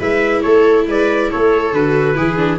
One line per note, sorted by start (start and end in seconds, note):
0.00 0.44 G#3
0.00 1.73 E4
0.00 0.43 B4
0.00 0.42 E5
0.42 0.87 A3
0.42 0.87 A4
0.42 0.85 C#5
0.87 1.30 G#3
0.87 1.31 B4
0.87 1.31 D5
1.31 1.73 A3
1.31 2.17 A4
1.31 1.74 C#5
1.73 2.16 D3
1.73 2.15 F#4
1.73 2.60 B4
2.15 2.60 E3
2.15 2.37 E4
2.15 2.60 G#4
2.37 2.58 D4